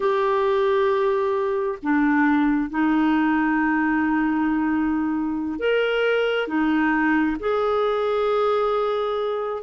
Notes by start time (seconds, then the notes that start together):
0.00 G4
1.82 D4
2.70 D#4
5.59 A#4
6.47 D#4
7.39 G#4